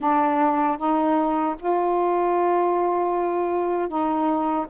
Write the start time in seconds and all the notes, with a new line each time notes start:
0.00 D4
0.77 D#4
1.59 F4
3.88 D#4